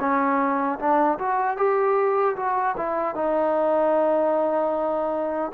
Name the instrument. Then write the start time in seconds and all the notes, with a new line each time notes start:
trombone
0.00 C#4
0.79 D4
1.19 F#4
1.57 G4
2.36 F#4
2.77 E4
3.15 D#4